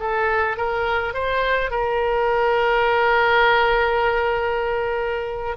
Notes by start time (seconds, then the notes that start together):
0.00 A4
0.57 A#4
1.14 C5
1.71 A#4